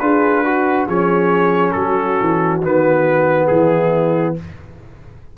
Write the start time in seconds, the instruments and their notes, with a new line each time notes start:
0.00 tuba D4, trombone F4, horn G#4, trumpet B4
0.45 trombone F#4, horn F#4
0.86 tuba F3, trombone C#4, horn G#4, trumpet C#5
1.72 tuba F#3, horn F#4, trumpet A4
2.21 tuba E3
2.62 tuba D#3, trombone B3, trumpet B4
3.47 tuba E3, horn E4, trumpet G#4